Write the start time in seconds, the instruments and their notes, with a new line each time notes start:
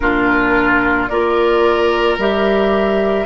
0.00 bassoon A#2, clarinet D4, oboe F4, flute A#4
1.08 bassoon A#3, clarinet F4, oboe A#4, flute D5
2.17 bassoon G3, clarinet G4, flute E5